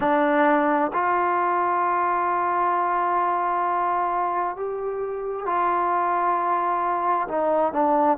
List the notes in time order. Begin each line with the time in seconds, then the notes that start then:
0.00 D4
0.93 F4
4.56 G4
5.45 F4
7.28 D#4
7.73 D4